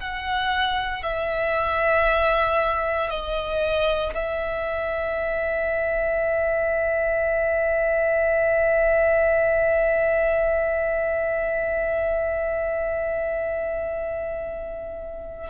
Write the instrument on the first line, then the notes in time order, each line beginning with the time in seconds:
violin
0.00 F#5
1.03 E5
3.10 D#5
4.14 E5